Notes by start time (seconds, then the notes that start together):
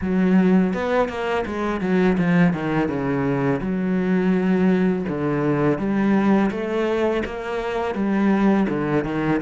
0.01 F#3
0.73 B3
1.08 A#3
1.46 G#3
1.81 F#3
2.18 F3
2.53 D#3
2.88 C#3
3.61 F#3
5.08 D3
5.78 G3
6.51 A3
7.25 A#3
7.94 G3
8.69 D3
9.04 D#3